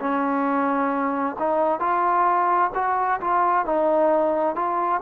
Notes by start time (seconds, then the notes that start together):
0.00 C#4
1.39 D#4
1.80 F4
2.75 F#4
3.21 F4
3.65 D#4
4.56 F4